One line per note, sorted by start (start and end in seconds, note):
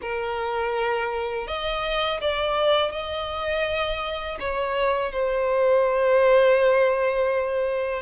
0.01 1.47 A#4
1.47 2.20 D#5
2.21 2.91 D5
2.91 4.38 D#5
4.39 5.12 C#5
5.12 8.02 C5